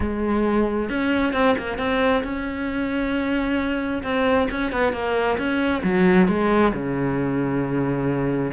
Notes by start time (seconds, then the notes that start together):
0.00 G#3
0.89 C#4
1.33 C4
1.58 A#3
1.77 C4
2.23 C#4
4.03 C4
4.50 C#4
4.72 B3
4.92 A#3
5.37 C#4
5.83 F#3
6.28 G#3
6.73 C#3